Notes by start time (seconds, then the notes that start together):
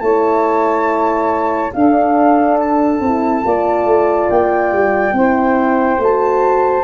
0.00 A3 E4 C#5 A5
1.73 D4 A4 F5
2.60 A5
3.01 C4 E4
3.44 A#3 F4 D5
3.85 A3
4.30 A#3 G5
4.72 G3
5.13 C4 E4 C5
5.98 A3 F#4 A5